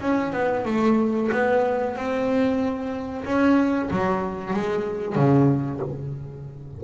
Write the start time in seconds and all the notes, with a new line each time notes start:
0.00 C#4
0.32 B3
0.65 A3
1.32 B3
1.95 C4
3.25 C#4
3.90 F#3
4.53 G#3
5.15 C#3